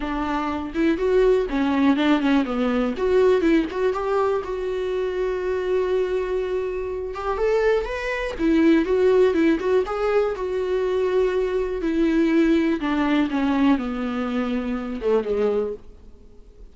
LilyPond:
\new Staff \with { instrumentName = "viola" } { \time 4/4 \tempo 4 = 122 d'4. e'8 fis'4 cis'4 | d'8 cis'8 b4 fis'4 e'8 fis'8 | g'4 fis'2.~ | fis'2~ fis'8 g'8 a'4 |
b'4 e'4 fis'4 e'8 fis'8 | gis'4 fis'2. | e'2 d'4 cis'4 | b2~ b8 a8 gis4 | }